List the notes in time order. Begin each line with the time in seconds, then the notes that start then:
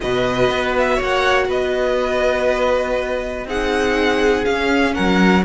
0.00 B2 F#4 B4 D#5
0.49 B3
0.77 E5
0.95 A#3 C#5
1.03 F#5
1.48 B3 B4 D#5
3.45 C4 D#4 G#4 F#5
4.44 C#4 F5
4.94 F#3 A#4 F#5